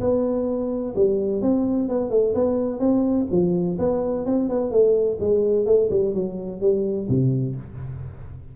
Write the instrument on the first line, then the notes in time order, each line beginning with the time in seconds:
tuba
0.00 B3
0.95 G3
1.42 C4
1.88 B3
2.10 A3
2.34 B3
2.79 C4
3.31 F3
3.79 B3
4.26 C4
4.49 B3
4.71 A3
5.20 G#3
5.65 A3
5.91 G3
6.14 F#3
6.60 G3
7.09 C3